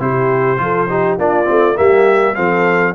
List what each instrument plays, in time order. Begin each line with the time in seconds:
0.00 tuba C3, trombone E4, horn G4, trumpet C5
0.57 tuba F3, trombone F4, horn A4
0.90 trombone D#4, horn G4
1.18 tuba A#3, trombone D4, horn F4, trumpet D5
1.45 tuba A3, trombone C4
1.76 tuba G3, trombone A#3, horn G4, trumpet E5
2.35 tuba F3, trombone C4, horn A4, trumpet F5